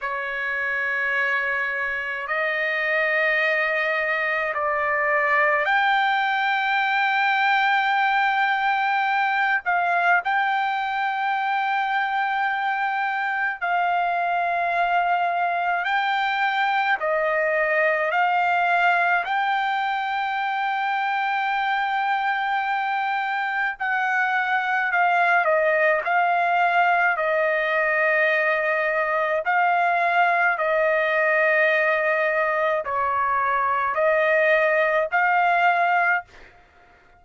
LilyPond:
\new Staff \with { instrumentName = "trumpet" } { \time 4/4 \tempo 4 = 53 cis''2 dis''2 | d''4 g''2.~ | g''8 f''8 g''2. | f''2 g''4 dis''4 |
f''4 g''2.~ | g''4 fis''4 f''8 dis''8 f''4 | dis''2 f''4 dis''4~ | dis''4 cis''4 dis''4 f''4 | }